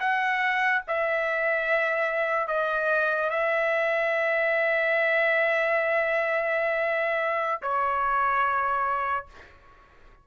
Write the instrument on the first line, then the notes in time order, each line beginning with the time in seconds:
trumpet
0.00 F#5
0.88 E5
2.48 D#5
3.31 E5
7.62 C#5